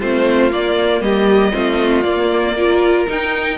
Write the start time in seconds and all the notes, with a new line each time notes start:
0.00 A3 C4 F4 C5
0.50 A#3 D5
1.01 G3 G4 D#5
1.52 A3 C4 F4
2.02 A#3 D5
2.55 F4 A#4
3.07 D#4 G5